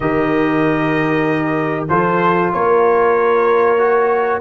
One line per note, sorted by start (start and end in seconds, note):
0.00 1.89 D#3
0.00 1.88 G4
0.00 1.89 A#4
0.00 1.85 D#5
1.88 2.53 F3
1.88 3.78 F4
1.88 2.52 A4
1.88 2.51 C5
2.52 4.41 A#3
2.52 4.41 A#4
2.52 4.41 C#5
3.78 4.41 F#4